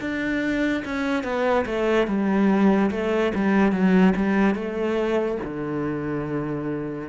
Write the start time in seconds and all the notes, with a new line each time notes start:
0.00 D4
0.85 C#4
1.23 B3
1.66 A3
2.07 G3
2.91 A3
3.34 G3
3.72 F#3
4.16 G3
4.55 A3
5.44 D3